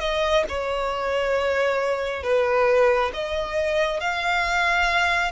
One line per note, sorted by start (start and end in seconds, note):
0.00 0.44 D#5
0.49 2.23 C#5
2.23 3.11 B4
3.14 4.00 D#5
4.00 5.31 F5